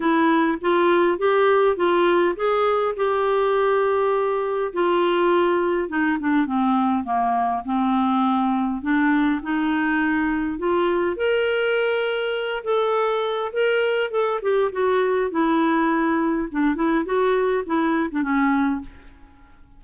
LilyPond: \new Staff \with { instrumentName = "clarinet" } { \time 4/4 \tempo 4 = 102 e'4 f'4 g'4 f'4 | gis'4 g'2. | f'2 dis'8 d'8 c'4 | ais4 c'2 d'4 |
dis'2 f'4 ais'4~ | ais'4. a'4. ais'4 | a'8 g'8 fis'4 e'2 | d'8 e'8 fis'4 e'8. d'16 cis'4 | }